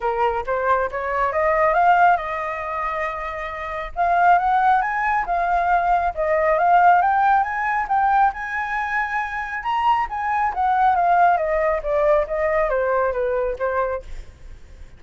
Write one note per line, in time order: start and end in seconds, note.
0.00 0.44 A#4
0.46 0.90 C5
0.91 1.32 C#5
1.32 1.73 D#5
1.73 2.16 F5
2.16 3.92 D#5
3.95 4.38 F5
4.38 4.81 F#5
4.81 5.25 G#5
5.26 6.13 F5
6.14 6.58 D#5
6.58 7.01 F5
7.01 7.43 G5
7.43 7.86 G#5
7.88 8.32 G5
8.33 9.63 G#5
9.63 10.06 A#5
10.09 10.53 G#5
10.53 10.95 F#5
10.95 11.37 F5
11.37 11.81 D#5
11.82 12.26 D5
12.27 12.69 D#5
12.69 13.12 C5
13.12 13.56 B4
13.58 14.02 C5